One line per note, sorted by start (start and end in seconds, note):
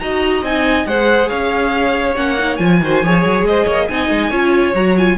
0.00 0.42 D#4
0.00 0.44 F#4
0.00 0.88 D#5
0.00 0.43 A#5
0.42 0.85 C4
0.42 0.87 D#4
0.42 0.87 G#5
0.86 1.29 G#3
0.86 2.16 G#4
0.86 1.29 C5
0.86 1.29 F#5
1.29 2.16 C#4
1.29 2.80 C#5
1.29 2.15 F5
2.16 2.59 A#3
2.16 2.37 C#4
2.16 2.57 F#5
2.38 2.60 D#4
2.57 2.81 F3
2.57 2.81 F4
2.57 3.43 G#5
2.81 3.02 D#3
2.81 3.04 F#4
2.81 3.05 C5
3.02 3.24 F3
3.02 3.90 G#4
3.02 3.48 C#5
3.25 3.42 F#3
3.42 3.64 G#3
3.42 3.88 D#5
3.49 3.64 C5
3.64 3.89 A#3
3.64 3.86 C#5
3.88 4.10 C4
3.88 4.32 D#4
3.88 4.30 D#5
3.88 4.74 G#5
4.10 4.31 G#3
4.30 4.74 C#4
4.30 4.75 F4
4.30 5.16 C#5
4.74 5.17 F#3
4.74 4.97 F#4
4.74 4.96 A#5
4.97 5.18 F4
4.97 5.18 G#5